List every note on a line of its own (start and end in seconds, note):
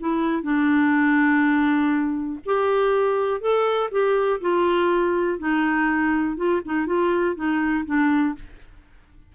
0.00 0.43 E4
0.43 2.40 D4
2.45 3.41 G4
3.41 3.90 A4
3.91 4.41 G4
4.41 5.39 F4
5.39 6.37 D#4
6.37 6.61 F4
6.65 6.87 D#4
6.87 7.36 F4
7.36 7.85 D#4
7.86 8.35 D4